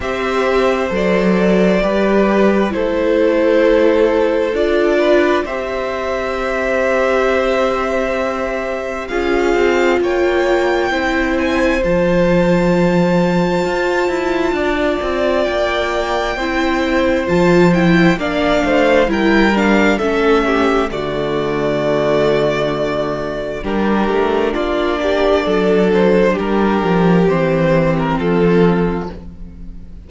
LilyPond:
<<
  \new Staff \with { instrumentName = "violin" } { \time 4/4 \tempo 4 = 66 e''4 d''2 c''4~ | c''4 d''4 e''2~ | e''2 f''4 g''4~ | g''8 gis''8 a''2.~ |
a''4 g''2 a''8 g''8 | f''4 g''8 f''8 e''4 d''4~ | d''2 ais'4 d''4~ | d''8 c''8 ais'4 c''8. ais'16 a'4 | }
  \new Staff \with { instrumentName = "violin" } { \time 4/4 c''2 b'4 a'4~ | a'4. b'8 c''2~ | c''2 gis'4 cis''4 | c''1 |
d''2 c''2 | d''8 c''8 ais'4 a'8 g'8 fis'4~ | fis'2 g'4 f'8 g'8 | a'4 g'2 f'4 | }
  \new Staff \with { instrumentName = "viola" } { \time 4/4 g'4 a'4 g'4 e'4~ | e'4 f'4 g'2~ | g'2 f'2 | e'4 f'2.~ |
f'2 e'4 f'8 e'8 | d'4 e'8 d'8 cis'4 a4~ | a2 d'2~ | d'2 c'2 | }
  \new Staff \with { instrumentName = "cello" } { \time 4/4 c'4 fis4 g4 a4~ | a4 d'4 c'2~ | c'2 cis'8 c'8 ais4 | c'4 f2 f'8 e'8 |
d'8 c'8 ais4 c'4 f4 | ais8 a8 g4 a4 d4~ | d2 g8 a8 ais4 | fis4 g8 f8 e4 f4 | }
>>